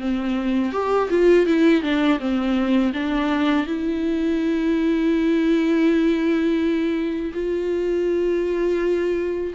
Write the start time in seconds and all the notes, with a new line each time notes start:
0.00 C4
0.72 G4
1.09 F4
1.46 E4
1.82 D4
2.19 C4
2.93 D4
3.66 E4
7.33 F4